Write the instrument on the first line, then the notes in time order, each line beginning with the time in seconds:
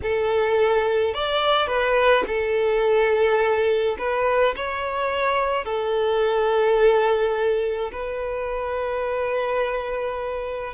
violin
0.02 A4
1.14 D5
1.67 B4
2.27 A4
3.98 B4
4.56 C#5
5.64 A4
7.92 B4